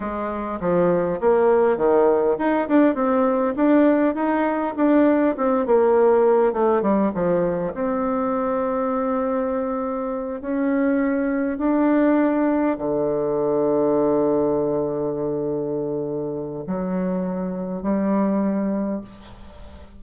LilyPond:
\new Staff \with { instrumentName = "bassoon" } { \time 4/4 \tempo 4 = 101 gis4 f4 ais4 dis4 | dis'8 d'8 c'4 d'4 dis'4 | d'4 c'8 ais4. a8 g8 | f4 c'2.~ |
c'4. cis'2 d'8~ | d'4. d2~ d8~ | d1 | fis2 g2 | }